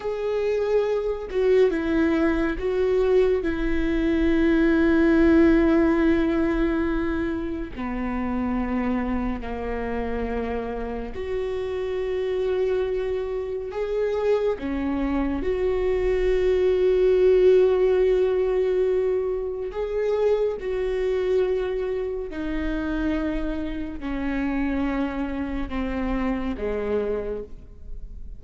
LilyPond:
\new Staff \with { instrumentName = "viola" } { \time 4/4 \tempo 4 = 70 gis'4. fis'8 e'4 fis'4 | e'1~ | e'4 b2 ais4~ | ais4 fis'2. |
gis'4 cis'4 fis'2~ | fis'2. gis'4 | fis'2 dis'2 | cis'2 c'4 gis4 | }